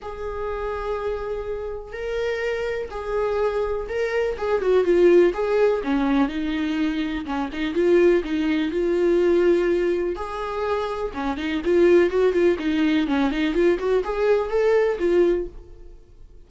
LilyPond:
\new Staff \with { instrumentName = "viola" } { \time 4/4 \tempo 4 = 124 gis'1 | ais'2 gis'2 | ais'4 gis'8 fis'8 f'4 gis'4 | cis'4 dis'2 cis'8 dis'8 |
f'4 dis'4 f'2~ | f'4 gis'2 cis'8 dis'8 | f'4 fis'8 f'8 dis'4 cis'8 dis'8 | f'8 fis'8 gis'4 a'4 f'4 | }